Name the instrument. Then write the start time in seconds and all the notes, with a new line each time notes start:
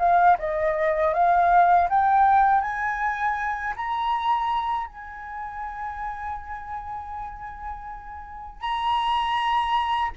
flute
0.00 F5
0.39 D#5
1.14 F5
1.90 G5
2.61 G#5
3.77 A#5
4.88 G#5
8.61 A#5